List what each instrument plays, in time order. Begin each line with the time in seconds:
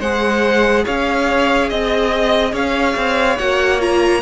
0.00 cello G#3, viola G#4, violin C5 F#5
0.85 cello C#4, violin C#5 F5
1.69 cello C4, violin D#5
2.53 cello C#4, violin C#5 F5
2.96 cello C4
3.38 cello A#3, viola F#4, violin F#5
3.80 viola F4, violin A#5